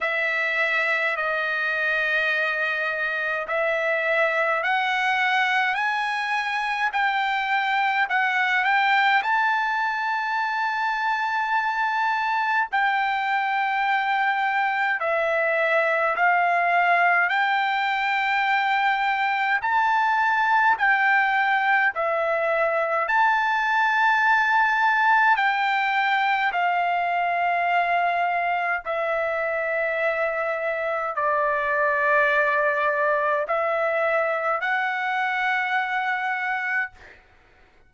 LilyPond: \new Staff \with { instrumentName = "trumpet" } { \time 4/4 \tempo 4 = 52 e''4 dis''2 e''4 | fis''4 gis''4 g''4 fis''8 g''8 | a''2. g''4~ | g''4 e''4 f''4 g''4~ |
g''4 a''4 g''4 e''4 | a''2 g''4 f''4~ | f''4 e''2 d''4~ | d''4 e''4 fis''2 | }